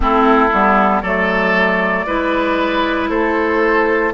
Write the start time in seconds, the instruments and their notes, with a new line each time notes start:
0.00 bassoon A3, clarinet C4, oboe E4, flute A4
0.52 bassoon G3, clarinet B3
1.01 bassoon F#3, clarinet A3, oboe A4, flute D5
2.06 bassoon G#3, clarinet E4, oboe B4
3.09 bassoon A3, oboe A4, flute C5